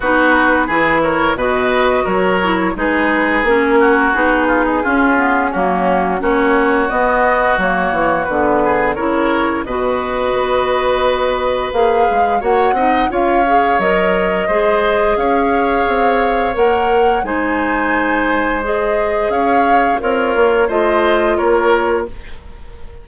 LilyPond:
<<
  \new Staff \with { instrumentName = "flute" } { \time 4/4 \tempo 4 = 87 b'4. cis''8 dis''4 cis''4 | b'4 ais'4 gis'2 | fis'4 cis''4 dis''4 cis''4 | b'4 cis''4 dis''2~ |
dis''4 f''4 fis''4 f''4 | dis''2 f''2 | fis''4 gis''2 dis''4 | f''4 cis''4 dis''4 cis''4 | }
  \new Staff \with { instrumentName = "oboe" } { \time 4/4 fis'4 gis'8 ais'8 b'4 ais'4 | gis'4. fis'4 f'16 dis'16 f'4 | cis'4 fis'2.~ | fis'8 gis'8 ais'4 b'2~ |
b'2 cis''8 dis''8 cis''4~ | cis''4 c''4 cis''2~ | cis''4 c''2. | cis''4 f'4 c''4 ais'4 | }
  \new Staff \with { instrumentName = "clarinet" } { \time 4/4 dis'4 e'4 fis'4. e'8 | dis'4 cis'4 dis'4 cis'8 b8 | ais4 cis'4 b4 ais4 | b4 e'4 fis'2~ |
fis'4 gis'4 fis'8 dis'8 f'8 gis'8 | ais'4 gis'2. | ais'4 dis'2 gis'4~ | gis'4 ais'4 f'2 | }
  \new Staff \with { instrumentName = "bassoon" } { \time 4/4 b4 e4 b,4 fis4 | gis4 ais4 b4 cis'4 | fis4 ais4 b4 fis8 e8 | d4 cis4 b,4 b4~ |
b4 ais8 gis8 ais8 c'8 cis'4 | fis4 gis4 cis'4 c'4 | ais4 gis2. | cis'4 c'8 ais8 a4 ais4 | }
>>